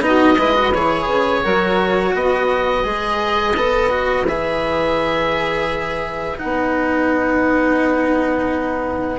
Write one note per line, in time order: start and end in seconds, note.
0.00 0.35 B3
0.00 0.37 D#4
0.00 0.37 F#4
0.00 0.74 D#5
0.37 0.73 G#3
0.37 0.54 E4
0.37 1.42 B4
0.54 0.72 F#4
0.74 1.07 E3
0.74 1.43 G#4
0.74 2.15 C#5
1.07 1.42 C#3
1.42 2.14 F#3
1.42 2.84 F#4
1.42 2.12 A#4
2.12 2.84 B3
2.12 9.17 B4
2.12 4.27 D#5
2.84 3.55 G#3
2.84 3.55 G#4
3.55 4.24 B3
3.55 3.90 A4
3.90 4.25 F#4
4.24 6.36 E3
4.24 6.37 G#4
4.24 6.38 E5
6.37 9.19 D#4
6.37 9.19 F#5
6.43 9.19 B3